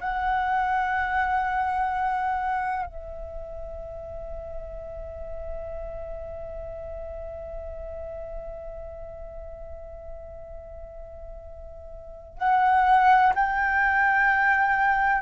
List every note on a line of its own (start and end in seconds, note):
0.00 2.86 F#5
2.86 12.38 E5
12.38 13.33 F#5
13.35 15.22 G5